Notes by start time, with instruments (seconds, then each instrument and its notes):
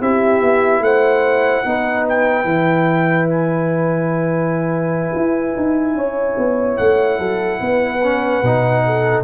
0.00 tuba C4, trombone E4, horn G4, trumpet E5
0.40 tuba B3
0.79 tuba A3, horn C5, trumpet F#5
1.65 tuba B3, trombone D#4, horn B4
2.08 trumpet G5
2.43 tuba E3, trombone E4
3.28 trumpet G#5
5.14 tuba E4
5.56 tuba D#4
5.94 tuba C#4, horn C#5
6.37 tuba B3
6.76 tuba A3, trumpet F#5
7.18 tuba F#3, horn A4
7.60 tuba B3, horn B4
8.02 trombone C#4
8.42 tuba B2, trombone D#4
8.85 horn A4